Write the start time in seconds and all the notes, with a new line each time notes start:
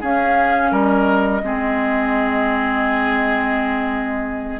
0.00 C#4 G#4 F5
0.71 G3 A#4 D#5
1.42 G#3 C4 G#4